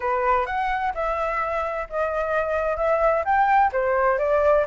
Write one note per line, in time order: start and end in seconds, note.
0.00 0.46 B4
0.46 0.92 F#5
0.94 1.87 E5
1.89 2.77 D#5
2.77 3.23 E5
3.24 3.71 G5
3.72 4.18 C5
4.18 4.65 D5